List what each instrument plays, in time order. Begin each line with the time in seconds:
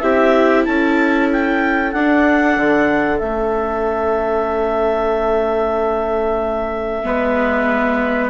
0.00 bassoon C4, viola E4, trumpet G4, clarinet E5
0.64 bassoon C#4, trumpet A4, clarinet A5
1.32 clarinet G5
1.91 bassoon D4, viola D4, clarinet F#5
2.56 bassoon D3
3.19 bassoon A3, viola C#4, clarinet E5
7.03 bassoon G#3, viola B3, trumpet B4